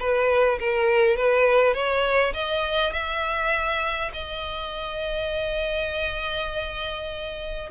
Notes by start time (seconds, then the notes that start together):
0.00 B4
0.59 A#4
1.17 B4
1.74 C#5
2.34 D#5
2.93 E5
4.14 D#5